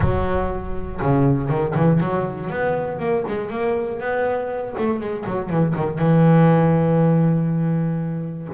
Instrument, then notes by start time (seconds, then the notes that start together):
double bass
0.00 F#3
1.01 C#3
1.49 D#3
1.75 E3
2.00 F#3
2.50 B3
2.99 A#3
3.27 G#3
3.50 A#3
4.00 B3
4.77 A3
5.00 G#3
5.25 F#3
5.49 E3
5.75 D#3
5.98 E3